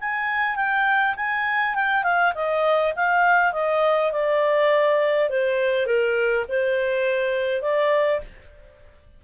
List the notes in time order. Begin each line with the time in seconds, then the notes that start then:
0.00 G#5
0.56 G5
1.16 G#5
1.75 G5
2.03 F5
2.34 D#5
2.96 F5
3.53 D#5
4.12 D5
5.29 C5
5.86 A#4
6.48 C5
7.61 D5